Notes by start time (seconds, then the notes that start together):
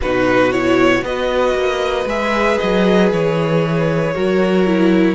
0.01 B2 D#4 F#4 B4
0.52 E4 C#5
1.02 B3 F#4 B4 D#5
1.54 A#3
2.05 G#3 G#4 E5
2.58 F#3 D#5
3.11 E3 C#5
4.14 F#3 F#4 A#4
4.66 E4